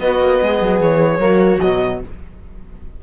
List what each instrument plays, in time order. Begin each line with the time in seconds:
0.00 cello B3, trombone B3, viola F#4, violin D#5
0.20 cello A#3
0.43 cello G#3, viola G#4
0.62 cello F#3
0.80 cello E3, violin C#5
1.19 cello F#3, trombone A#3, viola F#4
1.61 cello B2, trombone F#3, violin D#5